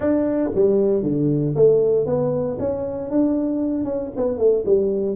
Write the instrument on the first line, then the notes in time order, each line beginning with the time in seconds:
tuba
0.00 D4
0.55 G3
1.03 D3
1.55 A3
2.05 B3
2.59 C#4
3.10 D4
3.84 C#4
4.16 B3
4.38 A3
4.65 G3